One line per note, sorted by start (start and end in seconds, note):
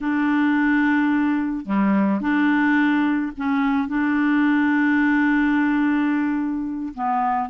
0.01 1.65 D4
1.65 2.20 G3
2.20 3.32 D4
3.37 3.88 C#4
3.88 6.93 D4
6.94 7.49 B3